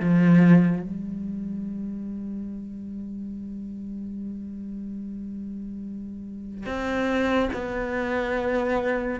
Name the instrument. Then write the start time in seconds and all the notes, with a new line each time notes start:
cello
0.00 F3
0.82 G3
6.66 C4
7.53 B3